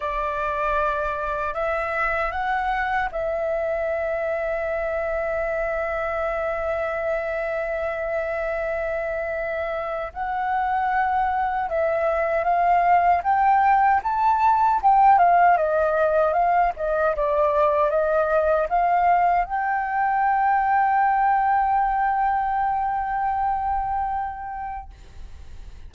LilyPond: \new Staff \with { instrumentName = "flute" } { \time 4/4 \tempo 4 = 77 d''2 e''4 fis''4 | e''1~ | e''1~ | e''4 fis''2 e''4 |
f''4 g''4 a''4 g''8 f''8 | dis''4 f''8 dis''8 d''4 dis''4 | f''4 g''2.~ | g''1 | }